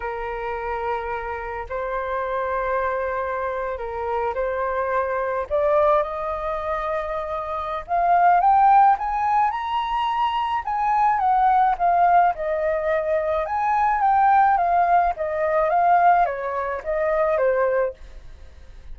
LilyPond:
\new Staff \with { instrumentName = "flute" } { \time 4/4 \tempo 4 = 107 ais'2. c''4~ | c''2~ c''8. ais'4 c''16~ | c''4.~ c''16 d''4 dis''4~ dis''16~ | dis''2 f''4 g''4 |
gis''4 ais''2 gis''4 | fis''4 f''4 dis''2 | gis''4 g''4 f''4 dis''4 | f''4 cis''4 dis''4 c''4 | }